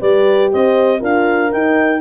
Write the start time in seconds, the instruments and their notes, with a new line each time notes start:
0.00 tuba G3, horn G4 B4, clarinet D5
0.52 tuba C4, horn C5, clarinet D#5
1.00 tuba D4, horn F4 A#4, clarinet F5
1.50 horn D#4, tuba D#4, clarinet G5